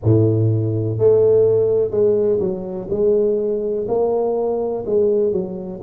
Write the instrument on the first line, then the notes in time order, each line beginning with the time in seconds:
tuba
0.03 A2
0.98 A3
1.90 G#3
2.39 F#3
2.89 G#3
3.88 A#3
4.86 G#3
5.31 F#3